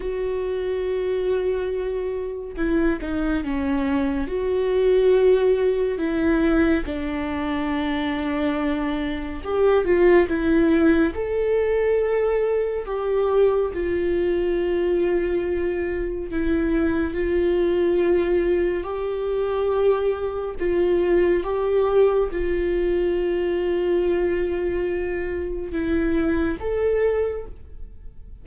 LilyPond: \new Staff \with { instrumentName = "viola" } { \time 4/4 \tempo 4 = 70 fis'2. e'8 dis'8 | cis'4 fis'2 e'4 | d'2. g'8 f'8 | e'4 a'2 g'4 |
f'2. e'4 | f'2 g'2 | f'4 g'4 f'2~ | f'2 e'4 a'4 | }